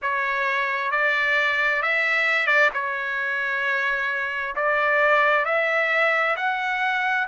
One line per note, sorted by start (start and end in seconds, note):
0.02 0.91 C#5
0.91 1.82 D5
1.82 2.47 E5
2.47 2.69 D5
2.73 4.55 C#5
4.55 5.45 D5
5.45 6.36 E5
6.36 7.27 F#5